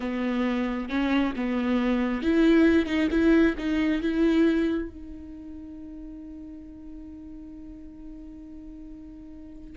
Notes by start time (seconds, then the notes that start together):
0.00 B3
0.89 C#4
1.36 B3
2.22 E4
2.86 D#4
3.11 E4
3.58 D#4
4.01 E4
4.89 D#4